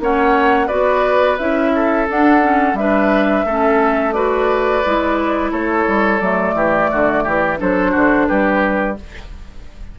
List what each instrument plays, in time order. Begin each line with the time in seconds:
0.00 bassoon A#3, clarinet C#4, oboe C#5, flute F#5
0.67 bassoon B3, clarinet F#4, oboe B4, flute D5
1.39 bassoon C#4, clarinet E4, flute E5
1.76 oboe A4
2.09 clarinet D4, bassoon D4, flute F#5
2.42 clarinet C#4
2.74 bassoon G3, clarinet D4, flute E5
2.80 oboe B4
3.45 bassoon A3, clarinet C#4, oboe A4
4.13 clarinet F#4, oboe B4, flute D5
4.86 bassoon G#3, clarinet E4
5.52 bassoon A3, oboe A4, flute C#5
5.88 bassoon G3
6.20 bassoon F#3, clarinet A3, flute D5
6.55 bassoon E3, oboe G4
6.92 bassoon D3, oboe F#4
7.24 bassoon E3, oboe G4
7.58 bassoon F#3, clarinet D4, oboe A4, flute C5
7.92 bassoon D3, oboe F#4
8.28 bassoon G3, oboe G4, flute B4